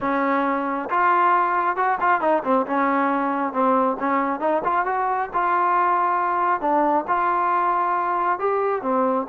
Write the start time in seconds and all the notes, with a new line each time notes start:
0.00 C#4
0.89 F4
1.76 F#4
2.00 F4
2.20 D#4
2.43 C4
2.66 C#4
3.52 C4
3.99 C#4
4.40 D#4
4.64 F4
4.85 F#4
5.33 F4
6.60 D4
7.07 F4
8.39 G4
8.82 C4